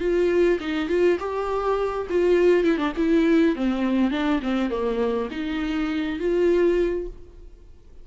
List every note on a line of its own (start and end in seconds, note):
0.00 0.59 F4
0.60 0.89 D#4
0.89 1.18 F4
1.19 2.07 G4
2.10 2.64 F4
2.64 2.78 E4
2.78 2.92 D4
2.97 3.55 E4
3.56 4.11 C4
4.11 4.40 D4
4.42 4.70 C4
4.70 5.29 A#3
5.31 6.19 D#4
6.19 7.07 F4